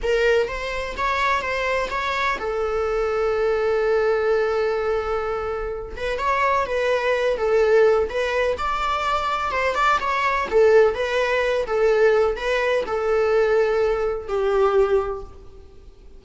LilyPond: \new Staff \with { instrumentName = "viola" } { \time 4/4 \tempo 4 = 126 ais'4 c''4 cis''4 c''4 | cis''4 a'2.~ | a'1~ | a'8 b'8 cis''4 b'4. a'8~ |
a'4 b'4 d''2 | c''8 d''8 cis''4 a'4 b'4~ | b'8 a'4. b'4 a'4~ | a'2 g'2 | }